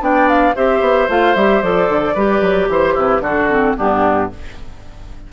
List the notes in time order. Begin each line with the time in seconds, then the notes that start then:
0.00 B3 D4 D5 G5
0.28 F5
0.55 C4 G4 C5 E5
0.81 B3
1.08 A3 F4 F5
1.35 G3 G4 E5
1.62 F3 A4 D5
1.89 D3
2.14 G3 G4 B4
2.41 F#3
2.68 E3 C5
2.94 C3 E4 B4
3.20 D3 D4 F#4 A4
3.50 C4
3.77 G2 B3 D4 G4